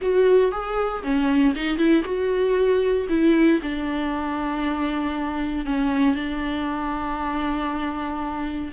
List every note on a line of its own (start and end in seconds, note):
0.01 0.51 F#4
0.51 1.03 G#4
1.03 1.54 C#4
1.55 1.77 D#4
1.77 2.03 E4
2.04 3.07 F#4
3.09 3.60 E4
3.62 5.65 D4
5.65 6.15 C#4
6.15 8.71 D4